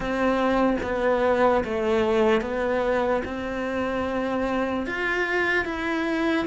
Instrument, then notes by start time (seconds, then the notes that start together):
cello
0.00 C4
0.83 B3
1.64 A3
2.41 B3
3.24 C4
4.86 F4
5.65 E4